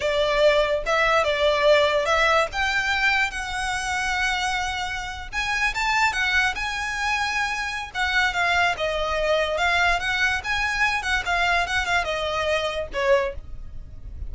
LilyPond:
\new Staff \with { instrumentName = "violin" } { \time 4/4 \tempo 4 = 144 d''2 e''4 d''4~ | d''4 e''4 g''2 | fis''1~ | fis''8. gis''4 a''4 fis''4 gis''16~ |
gis''2. fis''4 | f''4 dis''2 f''4 | fis''4 gis''4. fis''8 f''4 | fis''8 f''8 dis''2 cis''4 | }